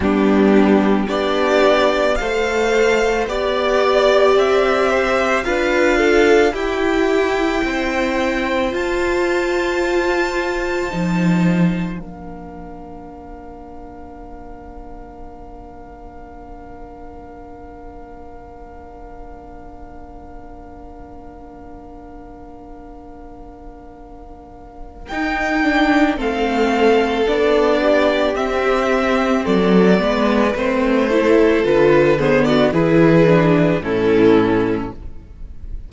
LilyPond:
<<
  \new Staff \with { instrumentName = "violin" } { \time 4/4 \tempo 4 = 55 g'4 d''4 f''4 d''4 | e''4 f''4 g''2 | a''2. f''4~ | f''1~ |
f''1~ | f''2. g''4 | f''4 d''4 e''4 d''4 | c''4 b'8 c''16 d''16 b'4 a'4 | }
  \new Staff \with { instrumentName = "violin" } { \time 4/4 d'4 g'4 c''4 d''4~ | d''8 c''8 b'8 a'8 g'4 c''4~ | c''2. ais'4~ | ais'1~ |
ais'1~ | ais'1 | a'4. g'4. a'8 b'8~ | b'8 a'4 gis'16 fis'16 gis'4 e'4 | }
  \new Staff \with { instrumentName = "viola" } { \time 4/4 b4 d'4 a'4 g'4~ | g'4 f'4 e'2 | f'2 dis'4 d'4~ | d'1~ |
d'1~ | d'2. dis'8 d'8 | c'4 d'4 c'4. b8 | c'8 e'8 f'8 b8 e'8 d'8 cis'4 | }
  \new Staff \with { instrumentName = "cello" } { \time 4/4 g4 b4 a4 b4 | c'4 d'4 e'4 c'4 | f'2 f4 ais4~ | ais1~ |
ais1~ | ais2. dis'4 | a4 b4 c'4 fis8 gis8 | a4 d4 e4 a,4 | }
>>